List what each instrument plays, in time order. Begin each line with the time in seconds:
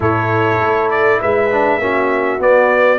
0.00 tuba A2, trombone E4, horn A4, trumpet C#5
0.59 tuba A3
0.90 trumpet D5
1.20 tuba G#3, horn B4, trumpet E5
1.50 trombone D4
1.78 tuba A#3, trombone C#4, horn F#4
2.39 trombone B3, tuba B3, trumpet D5